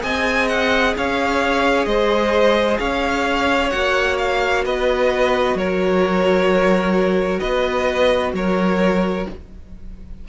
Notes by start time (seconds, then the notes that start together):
0.00 C4 G#4 D#5 G#5
0.48 F#5
0.97 C#4 C#5 F5
1.85 G#3 C5 D#5
2.79 C#4 C#5 F5
3.70 A#3 F#4 F#5
4.18 F5
4.65 B3 B4 D#5
5.54 F#3 A#4 C#5
7.39 B3 B4 D#5
8.33 F#3 A#4 C#5